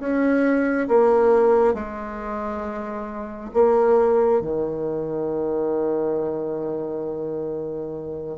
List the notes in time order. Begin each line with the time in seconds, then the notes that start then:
0.00 C#4
0.88 A#3
1.74 G#3
3.54 A#3
4.42 D#3